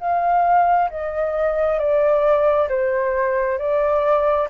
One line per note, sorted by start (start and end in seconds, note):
0.00 0.90 F5
0.90 1.79 D#5
1.79 2.68 D5
2.69 3.58 C5
3.58 4.48 D5